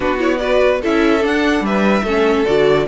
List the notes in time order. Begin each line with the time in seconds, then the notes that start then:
0.00 B3 D4 F#4 B4
0.18 E4 C#5
0.37 F#4 B4 D5
0.81 C#4 E4 A4 E5
1.20 D4 F#5
1.60 G3 B4 E5
2.03 A3 C#4 A4
2.45 D3 F#4 D5